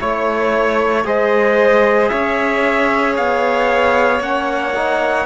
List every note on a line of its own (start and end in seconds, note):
0.00 1.05 A3
0.00 1.04 E4
0.00 1.05 C#5
0.00 1.06 C#5
1.04 2.10 G#3
1.04 4.20 G#4
1.04 2.11 C5
1.04 2.08 D#5
2.08 3.18 C#4
2.08 5.26 C#5
2.08 3.14 E5
3.16 4.20 B3
3.16 4.21 F5
4.20 5.25 A#3
4.20 4.73 C#4
4.20 5.26 F#5
4.75 5.26 D#4